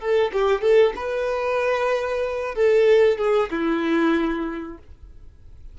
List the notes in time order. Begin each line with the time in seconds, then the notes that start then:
0.00 A4
0.33 G4
0.62 A4
0.96 B4
2.55 A4
3.19 G#4
3.51 E4